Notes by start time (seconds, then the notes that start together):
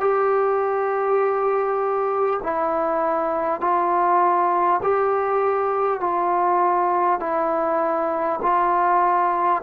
0.00 G4
2.42 E4
3.60 F4
4.82 G4
6.00 F4
7.19 E4
8.42 F4